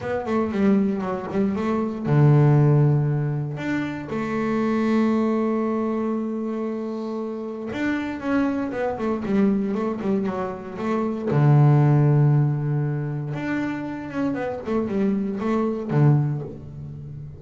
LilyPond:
\new Staff \with { instrumentName = "double bass" } { \time 4/4 \tempo 4 = 117 b8 a8 g4 fis8 g8 a4 | d2. d'4 | a1~ | a2. d'4 |
cis'4 b8 a8 g4 a8 g8 | fis4 a4 d2~ | d2 d'4. cis'8 | b8 a8 g4 a4 d4 | }